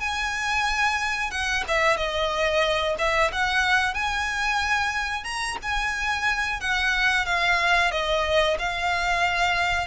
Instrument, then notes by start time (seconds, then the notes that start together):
violin
0.00 G#5
1.31 F#5
1.68 E5
1.97 D#5
2.98 E5
3.32 F#5
3.94 G#5
5.24 A#5
5.62 G#5
6.61 F#5
7.25 F5
7.91 D#5
8.59 F5